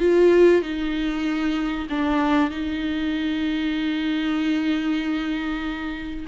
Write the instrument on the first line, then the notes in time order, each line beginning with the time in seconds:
viola
0.00 F4
0.62 D#4
1.90 D4
2.51 D#4